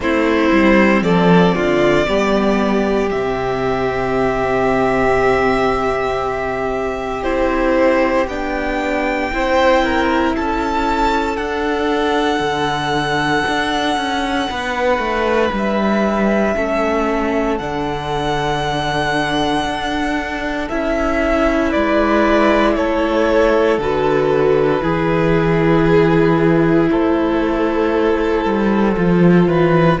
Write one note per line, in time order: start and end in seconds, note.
0.00 0.50 A3
0.00 2.07 C4
0.00 1.03 E4
0.00 1.02 C5
0.52 1.01 G3
1.01 1.53 F3
1.01 1.55 A4
1.01 3.09 D5
1.55 2.07 D3
1.55 2.06 F4
2.07 3.11 G3
2.07 3.10 B3
2.07 9.31 G4
3.10 7.23 C3
3.10 7.23 C4
3.10 7.23 E5
7.23 8.27 C4
7.23 8.27 E4
7.23 8.26 C5
8.27 9.30 B3
8.27 9.32 D4
8.27 10.35 G5
9.32 10.36 C4
9.32 11.38 E4
9.32 9.84 C5
9.84 10.36 A#4
10.36 11.37 C#4
10.36 14.49 A4
10.36 11.36 A5
11.36 12.39 D4
11.36 16.55 D4
11.36 15.50 F#5
12.39 13.43 D3
13.48 13.97 D4
13.97 14.48 C#4
14.49 14.98 B3
14.49 16.56 B4
14.98 15.50 A3
15.52 16.55 G3
15.52 17.57 E5
16.55 17.59 A3
16.55 17.59 C#4
16.55 21.69 A4
17.57 19.64 D3
17.57 20.70 D4
17.57 20.68 F#5
19.64 20.68 D4
20.69 21.74 C#4
20.69 23.80 E4
20.69 21.72 E5
21.69 22.72 B4
21.69 22.75 D5
21.75 22.75 G#3
22.75 23.78 A3
22.75 24.82 A4
22.75 23.79 C#5
23.78 24.81 D3
23.78 24.81 F#4
23.78 26.91 B4
24.81 26.89 E3
24.81 28.95 E4
24.81 26.89 G#4
26.90 28.44 A3
26.90 29.48 A4
26.90 30.00 C5
28.44 28.96 G3
28.95 29.47 F3
28.95 29.98 F4
29.47 29.98 E3
29.47 30.00 B4